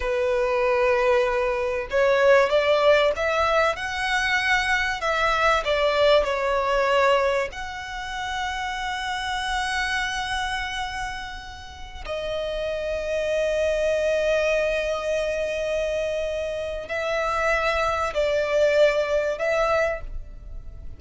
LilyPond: \new Staff \with { instrumentName = "violin" } { \time 4/4 \tempo 4 = 96 b'2. cis''4 | d''4 e''4 fis''2 | e''4 d''4 cis''2 | fis''1~ |
fis''2.~ fis''16 dis''8.~ | dis''1~ | dis''2. e''4~ | e''4 d''2 e''4 | }